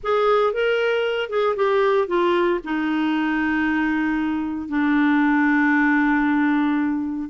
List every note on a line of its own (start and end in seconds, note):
0.03 0.53 G#4
0.53 1.29 A#4
1.29 1.55 G#4
1.56 2.07 G4
2.07 2.59 F4
2.63 4.68 D#4
4.68 7.29 D4